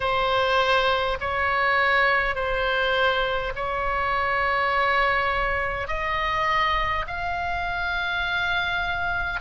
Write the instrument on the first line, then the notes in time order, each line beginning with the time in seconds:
oboe
0.00 C5
1.20 C#5
2.35 C5
3.55 C#5
5.87 D#5
7.07 F5